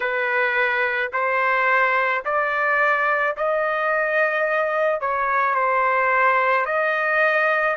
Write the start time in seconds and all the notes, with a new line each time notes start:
0.00 B4
1.13 C5
2.24 D5
3.36 D#5
5.01 C#5
5.55 C5
6.65 D#5